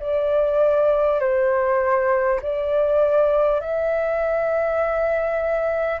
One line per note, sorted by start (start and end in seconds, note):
0.00 1.20 D5
1.20 2.40 C5
2.42 3.60 D5
3.60 6.00 E5